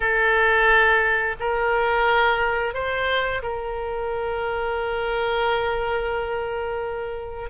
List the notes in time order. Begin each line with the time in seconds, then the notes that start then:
0.00 A4
1.39 A#4
2.74 C5
3.42 A#4